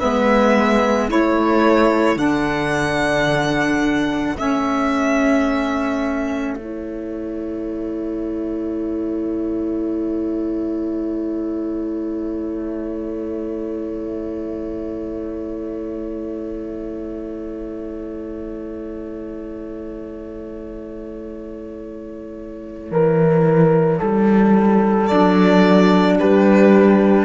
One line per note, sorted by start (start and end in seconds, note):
0.00 1.11 G#3
0.00 1.09 B3
0.00 1.08 B4
0.00 1.09 E5
1.08 2.16 A3
1.08 2.17 E4
1.08 22.90 A4
1.08 2.18 C#5
2.16 4.35 D3
2.16 4.35 D4
2.16 4.37 F#5
4.37 22.91 A3
4.37 6.56 C#4
4.37 6.55 E5
6.55 25.09 E4
6.55 25.07 C#5
22.91 24.00 E3
22.91 23.99 A#4
23.99 25.11 G3
23.99 26.17 A4
25.07 26.20 F#3
25.07 27.25 D4
25.07 26.16 D5
26.20 27.25 G3
26.20 27.25 G4
26.20 27.25 B4